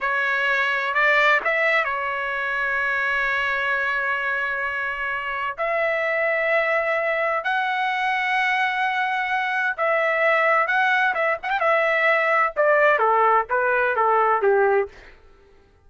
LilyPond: \new Staff \with { instrumentName = "trumpet" } { \time 4/4 \tempo 4 = 129 cis''2 d''4 e''4 | cis''1~ | cis''1 | e''1 |
fis''1~ | fis''4 e''2 fis''4 | e''8 fis''16 g''16 e''2 d''4 | a'4 b'4 a'4 g'4 | }